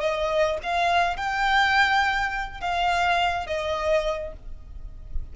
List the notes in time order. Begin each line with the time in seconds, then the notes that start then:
0.00 D#5
0.63 F5
1.16 G5
2.61 F5
3.46 D#5